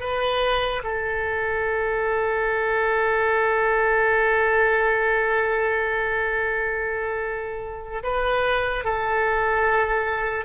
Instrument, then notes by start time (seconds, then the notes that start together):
oboe
0.00 B4
0.83 A4
8.03 B4
8.84 A4